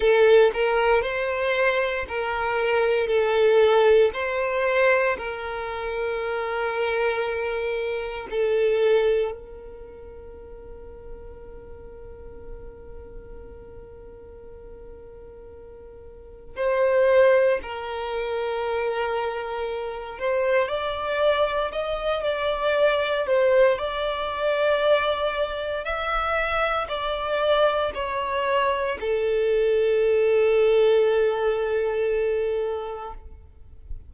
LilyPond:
\new Staff \with { instrumentName = "violin" } { \time 4/4 \tempo 4 = 58 a'8 ais'8 c''4 ais'4 a'4 | c''4 ais'2. | a'4 ais'2.~ | ais'1 |
c''4 ais'2~ ais'8 c''8 | d''4 dis''8 d''4 c''8 d''4~ | d''4 e''4 d''4 cis''4 | a'1 | }